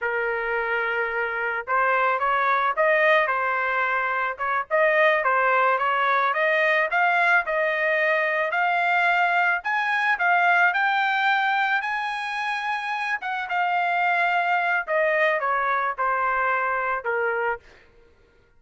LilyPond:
\new Staff \with { instrumentName = "trumpet" } { \time 4/4 \tempo 4 = 109 ais'2. c''4 | cis''4 dis''4 c''2 | cis''8 dis''4 c''4 cis''4 dis''8~ | dis''8 f''4 dis''2 f''8~ |
f''4. gis''4 f''4 g''8~ | g''4. gis''2~ gis''8 | fis''8 f''2~ f''8 dis''4 | cis''4 c''2 ais'4 | }